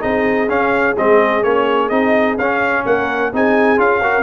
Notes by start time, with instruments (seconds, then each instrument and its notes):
0.00 tuba C4, trombone D#4, horn G#4, trumpet D#5
0.49 tuba C#4, trombone C#4, trumpet F5
0.98 tuba G#3, trombone C4, trumpet D#5
1.44 tuba A#3, trombone C#4, trumpet C#5
1.89 tuba C4, trombone D#4, trumpet D#5
2.38 tuba C#4, trombone C#4, trumpet F5
2.86 tuba A#3, horn A#4, trumpet F#5
3.33 tuba C4, trombone D#4, horn G#4, trumpet G#5
3.78 tuba C#4, trombone F4, trumpet F5
4.03 trombone F#4, horn A#4